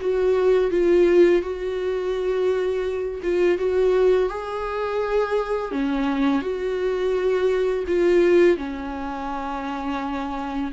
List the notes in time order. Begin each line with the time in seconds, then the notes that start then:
0.00 F#4
0.70 F4
1.42 F#4
3.22 F4
3.58 F#4
4.29 G#4
5.71 C#4
6.41 F#4
7.87 F4
8.57 C#4